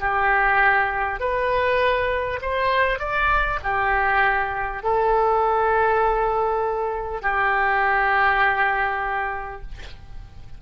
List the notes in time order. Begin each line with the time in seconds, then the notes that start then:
0.00 G4
1.20 B4
2.42 C5
2.99 D5
3.63 G4
4.83 A4
7.22 G4